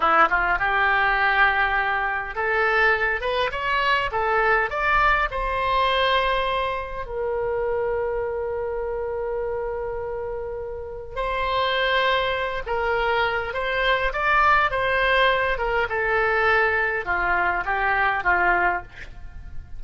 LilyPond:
\new Staff \with { instrumentName = "oboe" } { \time 4/4 \tempo 4 = 102 e'8 f'8 g'2. | a'4. b'8 cis''4 a'4 | d''4 c''2. | ais'1~ |
ais'2. c''4~ | c''4. ais'4. c''4 | d''4 c''4. ais'8 a'4~ | a'4 f'4 g'4 f'4 | }